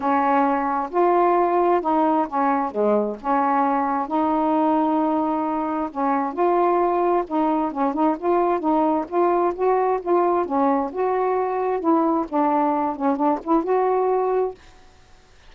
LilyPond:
\new Staff \with { instrumentName = "saxophone" } { \time 4/4 \tempo 4 = 132 cis'2 f'2 | dis'4 cis'4 gis4 cis'4~ | cis'4 dis'2.~ | dis'4 cis'4 f'2 |
dis'4 cis'8 dis'8 f'4 dis'4 | f'4 fis'4 f'4 cis'4 | fis'2 e'4 d'4~ | d'8 cis'8 d'8 e'8 fis'2 | }